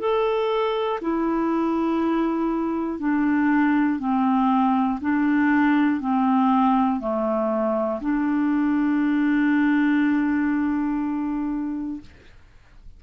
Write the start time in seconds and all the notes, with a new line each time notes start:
0.00 A4
1.01 E4
3.00 D4
4.00 C4
5.00 D4
6.00 C4
7.00 A3
8.01 D4